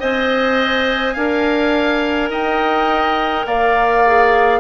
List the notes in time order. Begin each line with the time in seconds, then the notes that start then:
0.00 C4 C5 D#5 G#5
1.14 D4 A#4 F5
2.30 D#4 D#5 G5
3.46 A#3 D5 F5
4.06 G#4